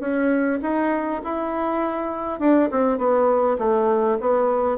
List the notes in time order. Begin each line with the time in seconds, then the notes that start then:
0.00 C#4
0.62 D#4
1.24 E4
2.40 D4
2.71 C4
2.98 B3
3.58 A3
4.20 B3